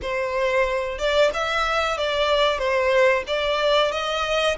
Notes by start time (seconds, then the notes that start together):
0.01 C5
0.98 D5
1.33 E5
1.97 D5
2.58 C5
3.27 D5
3.91 D#5